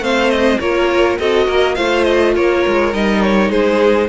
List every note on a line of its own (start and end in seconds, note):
0.00 0.58 A3
0.00 0.60 C4
0.00 0.60 C5
0.00 0.30 F5
0.30 0.59 D#5
0.59 1.18 A#3
0.59 1.19 F4
0.59 1.19 A#4
0.59 1.18 C#5
1.19 1.48 C4
1.19 1.77 F#4
1.19 1.46 A4
1.19 1.75 D#5
1.46 1.77 A#3
1.46 1.75 A#4
1.75 2.36 A3
1.75 2.93 F4
1.75 2.34 C5
1.75 2.04 F5
2.04 2.33 D#5
2.35 2.65 A#3
2.35 3.50 A#4
2.35 2.94 C#5
2.67 2.94 G#3
2.93 3.50 G3
2.93 4.08 D#4
2.93 3.22 D#5
3.22 3.51 C#5
3.50 4.08 G#3
3.50 4.08 G#4
3.50 4.08 C5